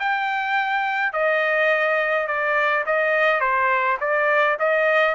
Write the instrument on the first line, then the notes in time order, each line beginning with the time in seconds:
trumpet
0.00 G5
1.13 D#5
2.27 D5
2.86 D#5
3.41 C5
4.01 D5
4.59 D#5